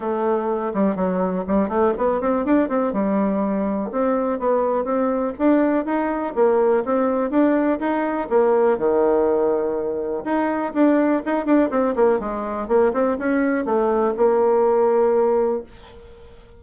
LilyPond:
\new Staff \with { instrumentName = "bassoon" } { \time 4/4 \tempo 4 = 123 a4. g8 fis4 g8 a8 | b8 c'8 d'8 c'8 g2 | c'4 b4 c'4 d'4 | dis'4 ais4 c'4 d'4 |
dis'4 ais4 dis2~ | dis4 dis'4 d'4 dis'8 d'8 | c'8 ais8 gis4 ais8 c'8 cis'4 | a4 ais2. | }